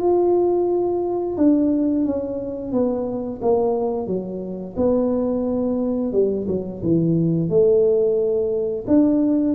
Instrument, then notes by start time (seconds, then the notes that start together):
tuba
0.00 F4
1.38 D4
2.05 C#4
2.72 B3
3.42 A#3
4.07 F#3
4.77 B3
6.12 G3
6.48 F#3
6.83 E3
7.49 A3
8.87 D4